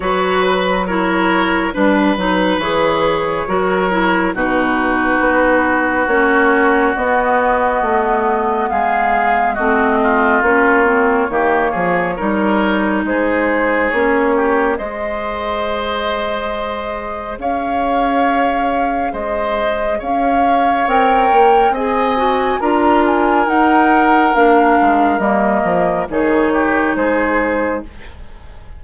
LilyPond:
<<
  \new Staff \with { instrumentName = "flute" } { \time 4/4 \tempo 4 = 69 cis''8 b'8 cis''4 b'4 cis''4~ | cis''4 b'2 cis''4 | dis''2 f''4 dis''4 | cis''2. c''4 |
cis''4 dis''2. | f''2 dis''4 f''4 | g''4 gis''4 ais''8 gis''8 fis''4 | f''4 dis''4 cis''4 c''4 | }
  \new Staff \with { instrumentName = "oboe" } { \time 4/4 b'4 ais'4 b'2 | ais'4 fis'2.~ | fis'2 gis'4 fis'8 f'8~ | f'4 g'8 gis'8 ais'4 gis'4~ |
gis'8 g'8 c''2. | cis''2 c''4 cis''4~ | cis''4 dis''4 ais'2~ | ais'2 gis'8 g'8 gis'4 | }
  \new Staff \with { instrumentName = "clarinet" } { \time 4/4 fis'4 e'4 d'8 dis'8 gis'4 | fis'8 e'8 dis'2 cis'4 | b2. c'4 | cis'8 c'8 ais4 dis'2 |
cis'4 gis'2.~ | gis'1 | ais'4 gis'8 fis'8 f'4 dis'4 | d'4 ais4 dis'2 | }
  \new Staff \with { instrumentName = "bassoon" } { \time 4/4 fis2 g8 fis8 e4 | fis4 b,4 b4 ais4 | b4 a4 gis4 a4 | ais4 dis8 f8 g4 gis4 |
ais4 gis2. | cis'2 gis4 cis'4 | c'8 ais8 c'4 d'4 dis'4 | ais8 gis8 g8 f8 dis4 gis4 | }
>>